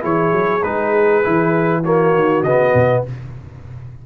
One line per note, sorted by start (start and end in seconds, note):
0.00 0.31 E3
0.00 0.60 E4
0.00 1.81 G#4
0.00 0.63 C#5
0.31 0.61 F#3
0.63 1.24 G#3
0.63 1.23 D#4
0.63 1.83 B4
1.23 2.14 E3
1.23 1.83 E4
1.82 2.45 A#3
1.82 3.02 F#4
1.82 2.43 C#5
2.14 2.42 D#3
2.42 2.72 C#3
2.42 3.06 B3
2.42 3.02 D#5
2.74 3.04 B2